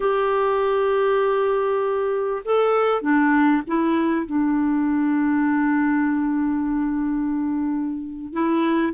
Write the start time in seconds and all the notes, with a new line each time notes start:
0.00 G4
2.44 A4
3.01 D4
3.67 E4
4.26 D4
8.32 E4